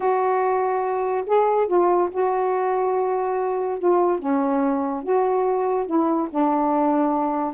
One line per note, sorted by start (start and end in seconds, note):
0.00 1.24 F#4
1.26 1.67 G#4
1.67 2.09 F4
2.11 3.79 F#4
3.79 4.19 F4
4.19 5.03 C#4
5.03 5.86 F#4
5.86 6.28 E4
6.30 7.54 D4